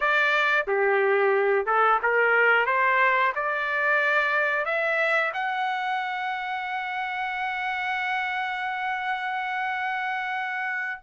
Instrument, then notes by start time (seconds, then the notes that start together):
trumpet
0.00 D5
0.67 G4
1.65 A4
2.02 A#4
2.65 C5
3.35 D5
4.65 E5
5.33 F#5